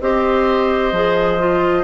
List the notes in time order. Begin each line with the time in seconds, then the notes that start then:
0.00 C4 G4 C5 D#5
0.92 F3 G#4
1.39 F4